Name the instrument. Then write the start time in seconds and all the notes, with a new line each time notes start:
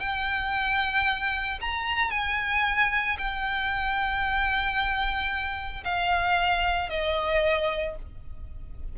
violin
0.00 G5
1.61 A#5
2.11 G#5
3.19 G5
5.85 F5
6.90 D#5